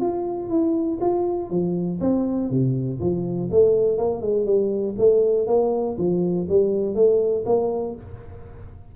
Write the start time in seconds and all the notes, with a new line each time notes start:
0.00 F4
0.49 E4
1.01 F4
1.49 F3
2.00 C4
2.50 C3
3.00 F3
3.51 A3
3.97 A#3
4.21 G#3
4.45 G3
4.97 A3
5.46 A#3
5.97 F3
6.48 G3
6.94 A3
7.45 A#3